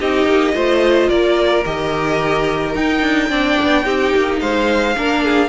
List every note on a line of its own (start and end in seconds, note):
0.00 0.26 C4
0.00 0.54 D#4
0.00 0.55 G4
0.00 1.09 D#5
0.26 0.53 A#3
0.54 1.09 A3
0.54 1.64 F4
0.54 1.09 C5
1.09 1.65 A#3
1.09 3.29 A#4
1.09 1.64 D5
1.65 2.75 D#3
1.65 2.75 G4
1.65 2.75 D#5
2.75 3.30 D#4
2.75 3.01 D#4
2.75 4.40 G5
3.01 3.29 D4
3.29 3.57 C4
3.29 3.84 D4
3.29 3.84 D5
3.63 3.85 B3
3.84 4.13 C4
3.84 4.94 D#4
3.84 4.39 G4
4.15 4.41 A#3
4.40 4.96 G#3
4.40 4.96 C5
4.40 5.49 F5
4.97 5.49 A#3
4.97 5.49 D4
4.97 5.24 A#4
5.24 5.49 G#4